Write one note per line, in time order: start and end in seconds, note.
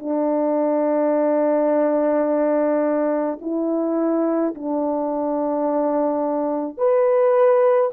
0.00 3.40 D4
3.42 4.55 E4
4.55 6.78 D4
6.78 7.91 B4